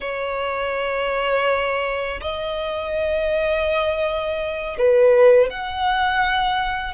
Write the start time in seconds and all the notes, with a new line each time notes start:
0.00 C#5
2.21 D#5
4.78 B4
5.50 F#5